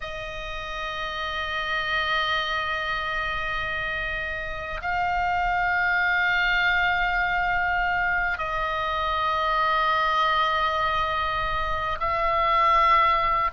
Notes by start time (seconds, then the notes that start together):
0.00 D#5
4.81 F5
8.38 D#5
12.00 E5